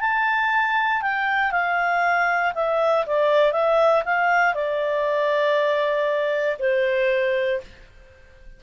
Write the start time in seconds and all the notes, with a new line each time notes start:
0.00 A5
1.01 G5
1.51 F5
2.54 E5
3.06 D5
3.52 E5
4.05 F5
4.53 D5
6.59 C5